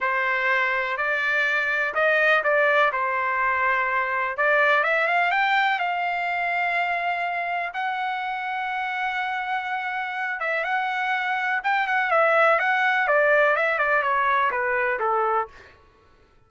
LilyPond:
\new Staff \with { instrumentName = "trumpet" } { \time 4/4 \tempo 4 = 124 c''2 d''2 | dis''4 d''4 c''2~ | c''4 d''4 e''8 f''8 g''4 | f''1 |
fis''1~ | fis''4. e''8 fis''2 | g''8 fis''8 e''4 fis''4 d''4 | e''8 d''8 cis''4 b'4 a'4 | }